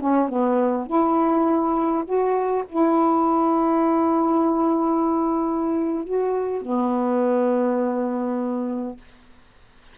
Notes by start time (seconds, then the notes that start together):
0.00 C#4
0.29 B3
0.87 E4
2.05 F#4
2.69 E4
6.04 F#4
6.61 B3